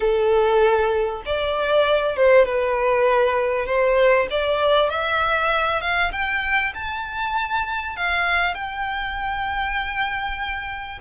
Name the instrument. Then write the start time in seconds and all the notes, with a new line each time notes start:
violin
0.00 A4
1.25 D5
2.16 C5
2.45 B4
3.65 C5
4.30 D5
4.89 E5
5.81 F5
6.11 G5
6.74 A5
7.96 F5
8.54 G5